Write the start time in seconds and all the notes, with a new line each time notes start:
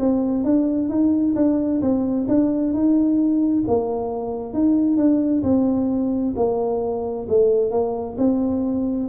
0.00 C4
0.45 D4
0.89 D#4
1.36 D4
1.82 C4
2.29 D4
2.74 D#4
3.68 A#3
4.54 D#4
4.98 D4
5.43 C4
6.37 A#3
7.30 A3
7.71 A#3
8.18 C4